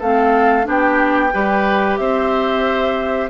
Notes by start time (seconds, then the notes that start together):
0.00 A3 C4 A4 F5
0.64 B3 D4 G4 G5
1.33 G3 G4 B4
1.97 C4 C5 E5